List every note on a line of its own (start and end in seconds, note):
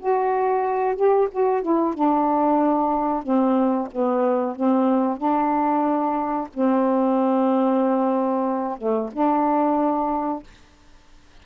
0.00 0.96 F#4
0.96 1.29 G4
1.31 1.63 F#4
1.63 1.95 E4
1.95 3.24 D4
3.24 3.89 C4
3.92 4.57 B3
4.57 5.18 C4
5.18 6.48 D4
6.54 8.78 C4
8.78 9.11 A3
9.13 10.43 D4